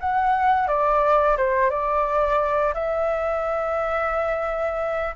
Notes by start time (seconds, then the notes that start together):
0.00 F#5
0.68 D5
1.37 C5
1.70 D5
2.74 E5